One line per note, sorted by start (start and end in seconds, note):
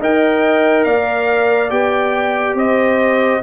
0.00 0.86 D#4
0.00 1.70 A#4
0.00 0.86 D#5
0.00 0.85 G5
0.85 1.71 A#3
0.85 2.57 D5
0.85 1.71 F5
1.70 2.55 B3
1.70 3.42 G4
1.70 2.56 G5
2.55 3.41 C4
2.55 3.43 C5
2.55 3.43 D#5